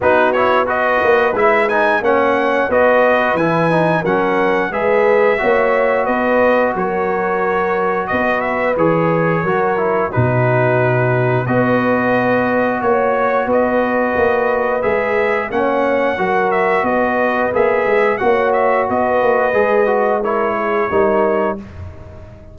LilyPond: <<
  \new Staff \with { instrumentName = "trumpet" } { \time 4/4 \tempo 4 = 89 b'8 cis''8 dis''4 e''8 gis''8 fis''4 | dis''4 gis''4 fis''4 e''4~ | e''4 dis''4 cis''2 | dis''8 e''8 cis''2 b'4~ |
b'4 dis''2 cis''4 | dis''2 e''4 fis''4~ | fis''8 e''8 dis''4 e''4 fis''8 e''8 | dis''2 cis''2 | }
  \new Staff \with { instrumentName = "horn" } { \time 4/4 fis'4 b'2 cis''4 | b'2 ais'4 b'4 | cis''4 b'4 ais'2 | b'2 ais'4 fis'4~ |
fis'4 b'2 cis''4 | b'2. cis''4 | ais'4 b'2 cis''4 | b'2 ais'8 gis'8 ais'4 | }
  \new Staff \with { instrumentName = "trombone" } { \time 4/4 dis'8 e'8 fis'4 e'8 dis'8 cis'4 | fis'4 e'8 dis'8 cis'4 gis'4 | fis'1~ | fis'4 gis'4 fis'8 e'8 dis'4~ |
dis'4 fis'2.~ | fis'2 gis'4 cis'4 | fis'2 gis'4 fis'4~ | fis'4 gis'8 fis'8 e'4 dis'4 | }
  \new Staff \with { instrumentName = "tuba" } { \time 4/4 b4. ais8 gis4 ais4 | b4 e4 fis4 gis4 | ais4 b4 fis2 | b4 e4 fis4 b,4~ |
b,4 b2 ais4 | b4 ais4 gis4 ais4 | fis4 b4 ais8 gis8 ais4 | b8 ais8 gis2 g4 | }
>>